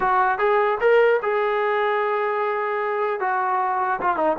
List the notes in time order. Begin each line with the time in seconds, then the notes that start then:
0.00 F#4
0.38 G#4
0.80 A#4
1.22 G#4
3.20 F#4
4.01 F4
4.16 D#4